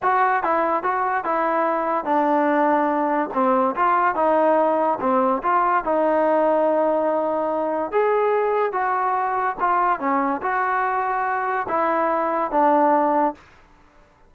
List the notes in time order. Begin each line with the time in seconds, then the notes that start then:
0.02 F#4
0.43 E4
0.83 F#4
1.24 E4
2.04 D4
3.33 C4
3.75 F4
4.15 D#4
5.00 C4
5.43 F4
5.84 D#4
7.91 G#4
8.72 F#4
9.60 F4
9.99 C#4
10.41 F#4
11.68 E4
12.51 D4